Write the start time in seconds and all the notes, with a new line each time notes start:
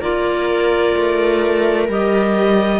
0.00 A#3 F4 A#4 D5
0.96 A3
1.88 G3 G4 D#5